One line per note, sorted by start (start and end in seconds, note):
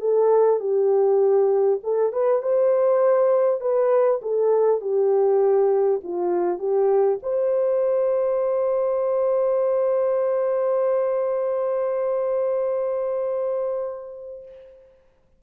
0.00 0.60 A4
0.60 1.80 G4
1.83 2.13 A4
2.13 2.42 B4
2.42 3.61 C5
3.61 4.21 B4
4.22 4.81 A4
4.81 6.01 G4
6.03 6.59 F4
6.59 7.19 G4
7.23 14.43 C5